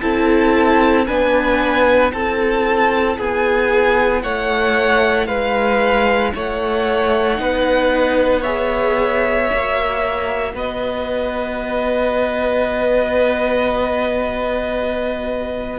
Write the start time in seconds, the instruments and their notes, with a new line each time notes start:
0.00 cello C4, viola E4, violin A4 A5
1.06 cello B3, viola D4, violin B4 G#5
2.12 cello C4, viola E4, violin A4 A5
3.17 cello B3, violin G#4 G#5
4.22 cello A3, violin C#5 F#5
5.27 cello G#3, violin B4 F5
6.35 cello A3, violin C#5 F#5
7.36 cello B3, viola D#4, violin B4
8.41 viola G#4, violin C#5 E5
9.50 cello A#3, viola F#4
10.55 cello B3, violin B4 D#5